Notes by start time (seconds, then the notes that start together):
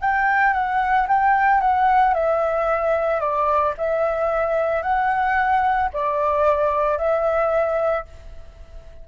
0.00 G5
0.53 F#5
1.08 G5
1.60 F#5
2.14 E5
3.20 D5
3.77 E5
4.82 F#5
5.93 D5
6.98 E5